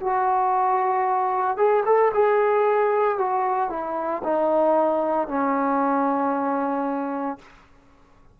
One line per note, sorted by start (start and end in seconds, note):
0.00 1.57 F#4
1.57 1.83 G#4
1.86 2.12 A4
2.14 3.18 G#4
3.18 3.70 F#4
3.70 4.22 E4
4.23 5.28 D#4
5.28 7.39 C#4